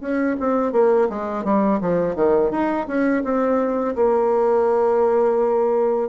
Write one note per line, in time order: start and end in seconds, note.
0.00 0.36 C#4
0.39 0.72 C4
0.72 1.08 A#3
1.09 1.44 G#3
1.44 1.80 G3
1.80 2.15 F3
2.15 2.51 D#3
2.51 2.86 D#4
2.87 3.23 C#4
3.23 3.95 C4
3.95 6.09 A#3